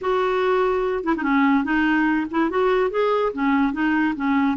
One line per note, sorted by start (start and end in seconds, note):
0.01 1.04 F#4
1.04 1.14 E4
1.16 1.22 D#4
1.22 1.64 C#4
1.64 2.26 D#4
2.30 2.50 E4
2.50 2.90 F#4
2.90 3.32 G#4
3.33 3.72 C#4
3.72 4.14 D#4
4.15 4.57 C#4